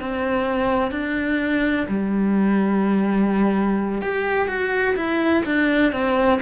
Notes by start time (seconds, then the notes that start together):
0.00 C4
0.91 D4
1.88 G3
4.02 G4
4.48 F#4
4.96 E4
5.45 D4
5.92 C4